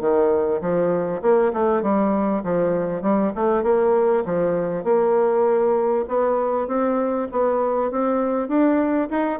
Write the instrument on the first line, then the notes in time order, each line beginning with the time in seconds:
bassoon
0.00 D#3
0.61 F3
1.22 A#3
1.53 A3
1.82 G3
2.44 F3
3.02 G3
3.35 A3
3.63 A#3
4.25 F3
4.84 A#3
6.08 B3
6.67 C4
7.31 B3
7.91 C4
8.48 D4
9.10 D#4